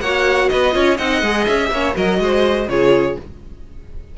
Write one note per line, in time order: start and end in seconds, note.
0.00 0.48 A#3
0.00 0.72 F#4
0.00 0.50 C#5
0.00 0.48 F#5
0.48 0.75 B3
0.48 0.74 B4
0.48 0.97 D#5
0.72 0.98 C#4
0.72 0.96 F4
0.72 0.97 C#5
0.97 1.22 C4
0.97 1.23 D#4
0.97 1.69 D#5
0.97 1.45 F#5
1.22 1.46 G#3
1.22 1.72 G#4
1.46 1.70 C#4
1.46 1.94 E5
1.70 1.94 A#3
1.70 1.94 C#4
1.70 1.95 C#5
1.94 2.18 F#3
1.94 2.67 F#4
1.94 2.19 A#4
1.94 2.68 D#5
2.18 2.67 G#3
2.18 2.69 C5
2.67 3.16 C#3
2.67 3.18 F4
2.67 3.18 G#4
2.67 3.17 C#5